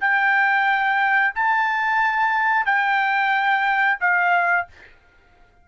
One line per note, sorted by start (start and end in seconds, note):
0.00 1.33 G5
1.35 2.65 A5
2.65 3.99 G5
4.00 4.67 F5